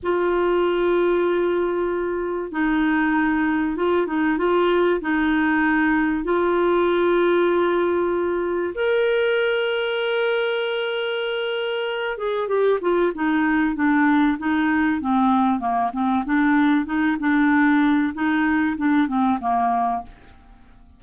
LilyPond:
\new Staff \with { instrumentName = "clarinet" } { \time 4/4 \tempo 4 = 96 f'1 | dis'2 f'8 dis'8 f'4 | dis'2 f'2~ | f'2 ais'2~ |
ais'2.~ ais'8 gis'8 | g'8 f'8 dis'4 d'4 dis'4 | c'4 ais8 c'8 d'4 dis'8 d'8~ | d'4 dis'4 d'8 c'8 ais4 | }